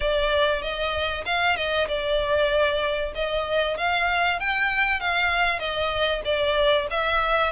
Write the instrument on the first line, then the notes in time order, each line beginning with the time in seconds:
violin
0.00 D5
0.62 D#5
1.25 F5
1.56 D#5
1.88 D5
3.14 D#5
3.77 F5
4.39 G5
4.99 F5
5.59 D#5
6.24 D5
6.90 E5